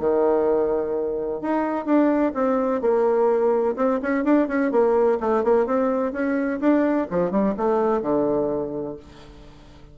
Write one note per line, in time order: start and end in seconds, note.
0.00 1.42 D#3
1.42 1.86 D#4
1.86 2.33 D4
2.35 2.82 C4
2.82 3.76 A#3
3.77 4.00 C4
4.03 4.25 C#4
4.25 4.48 D4
4.48 4.72 C#4
4.72 5.19 A#3
5.21 5.44 A3
5.44 5.67 A#3
5.67 6.13 C4
6.13 6.60 C#4
6.61 7.08 D4
7.11 7.31 F3
7.31 7.55 G3
7.58 8.02 A3
8.02 8.97 D3